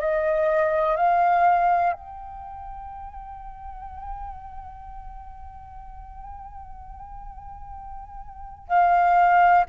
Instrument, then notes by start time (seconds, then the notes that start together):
flute
0.00 D#5
0.96 F5
1.93 G5
8.68 F5